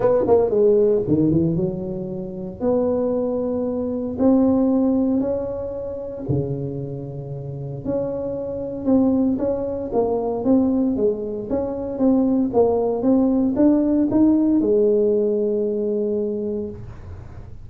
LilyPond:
\new Staff \with { instrumentName = "tuba" } { \time 4/4 \tempo 4 = 115 b8 ais8 gis4 dis8 e8 fis4~ | fis4 b2. | c'2 cis'2 | cis2. cis'4~ |
cis'4 c'4 cis'4 ais4 | c'4 gis4 cis'4 c'4 | ais4 c'4 d'4 dis'4 | gis1 | }